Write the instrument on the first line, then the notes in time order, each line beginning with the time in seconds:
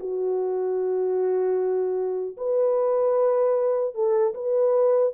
horn
0.00 F#4
2.38 B4
3.95 A4
4.35 B4